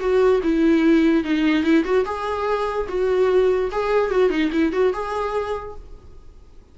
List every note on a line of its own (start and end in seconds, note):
0.00 0.41 F#4
0.43 1.24 E4
1.24 1.64 D#4
1.64 1.84 E4
1.84 2.05 F#4
2.05 2.87 G#4
2.88 3.71 F#4
3.72 4.11 G#4
4.11 4.30 F#4
4.30 4.51 D#4
4.52 4.73 E4
4.73 4.93 F#4
4.93 5.75 G#4